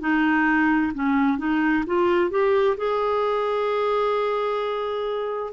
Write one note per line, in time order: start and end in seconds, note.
0.00 0.92 D#4
0.94 1.38 C#4
1.38 1.84 D#4
1.86 2.30 F4
2.30 2.77 G4
2.77 5.53 G#4